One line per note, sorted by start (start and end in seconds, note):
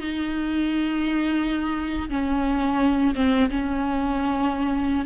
0.00 2.09 D#4
2.10 3.15 C#4
3.15 3.49 C4
3.50 5.05 C#4